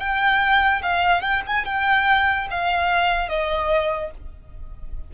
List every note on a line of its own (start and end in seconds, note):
0.00 0.82 G5
0.83 1.21 F5
1.21 1.42 G5
1.47 1.66 G#5
1.66 2.48 G5
2.51 3.29 F5
3.29 4.11 D#5